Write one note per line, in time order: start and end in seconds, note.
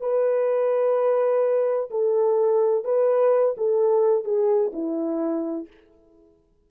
0.00 1.89 B4
1.90 2.84 A4
2.84 3.55 B4
3.57 4.24 A4
4.24 4.71 G#4
4.72 5.67 E4